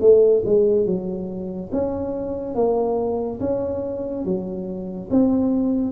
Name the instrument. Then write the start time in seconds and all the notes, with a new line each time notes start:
tuba
0.00 A3
0.45 G#3
0.86 F#3
1.72 C#4
2.55 A#3
3.40 C#4
4.24 F#3
5.10 C4